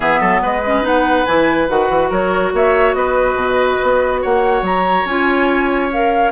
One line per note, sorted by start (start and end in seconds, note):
0.00 0.20 E3
0.00 0.61 B3
0.00 0.19 G#4
0.00 0.41 E5
0.20 0.41 F#3
0.20 0.41 A4
0.41 0.82 G#3
0.41 2.09 B4
0.41 0.86 D#5
0.65 0.82 C#4
0.82 1.24 B3
0.82 1.24 D#4
0.82 1.25 F#5
1.25 1.69 E3
1.25 1.68 E4
1.25 1.68 G#5
1.68 1.89 D#3
1.68 5.06 F#4
1.68 2.11 F#5
1.89 2.10 E3
2.09 2.52 F#3
2.09 2.52 A#4
2.09 2.54 C#5
2.53 2.94 A#3
2.53 2.96 C#5
2.53 2.93 E5
2.93 3.34 B3
2.93 4.21 B4
2.93 4.20 D#5
3.34 3.76 B2
3.82 4.24 B3
4.21 4.62 A#3
4.21 6.31 C#5
4.21 4.65 F#5
4.62 5.04 F#3
4.62 5.06 A#5
5.04 6.31 C#4
5.04 5.92 F4
5.04 5.90 G#5
5.92 6.31 A#4
5.92 6.31 F5